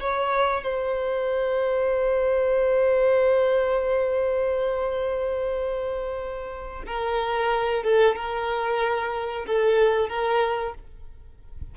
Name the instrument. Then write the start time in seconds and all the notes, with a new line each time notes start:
violin
0.00 C#5
0.63 C5
6.87 A#4
7.83 A4
8.15 A#4
9.47 A4
10.09 A#4